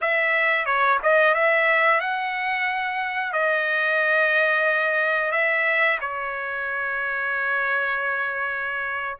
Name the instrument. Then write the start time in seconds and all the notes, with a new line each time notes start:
trumpet
0.01 E5
0.65 C#5
1.02 D#5
1.34 E5
2.00 F#5
3.32 D#5
5.31 E5
6.00 C#5